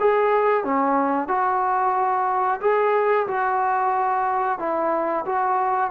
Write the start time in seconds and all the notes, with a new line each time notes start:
0.00 G#4
0.64 C#4
1.28 F#4
2.61 G#4
3.27 F#4
4.59 E4
5.25 F#4